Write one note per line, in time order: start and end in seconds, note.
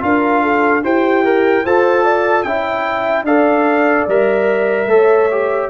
0.00 0.83 D4
0.00 0.81 F4
0.00 0.42 A#4
0.00 0.84 F5
0.42 0.83 A4
0.83 1.65 E4
0.83 1.64 G4
0.83 1.24 C5
0.83 1.65 G5
1.24 1.65 A#4
1.64 2.44 F4
1.64 2.46 A4
1.64 2.04 C5
1.64 2.43 A5
2.04 2.44 D5
2.43 3.23 C#4
2.43 3.27 E4
2.43 3.26 E5
2.43 3.24 G5
3.23 4.04 D4
3.23 4.08 A4
3.23 4.88 D5
3.23 4.07 F5
4.07 4.86 G3
4.07 4.89 A#4
4.07 5.69 E5
4.86 5.67 A3
4.86 5.29 A4
4.86 5.69 C#5
5.31 5.69 G4